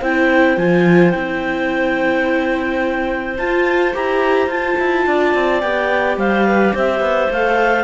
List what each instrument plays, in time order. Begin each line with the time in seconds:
0.00 cello C4, viola E4, clarinet C5 G5
0.57 cello F3, viola F4, clarinet G#5
1.11 cello C4, viola E4, clarinet G5
3.38 viola F4, cello F4, clarinet A5
3.94 cello E4, viola G4, clarinet A#5
4.48 cello F4, viola F4, clarinet A5
4.80 cello E4
5.07 cello D4, clarinet D5
5.35 cello C4
5.61 cello B3, viola G4, clarinet G5
6.17 cello G3, clarinet C5 F5
6.48 clarinet B4
6.73 cello C4, clarinet C5 E5
7.00 cello B3
7.31 cello A3, viola A4, clarinet F5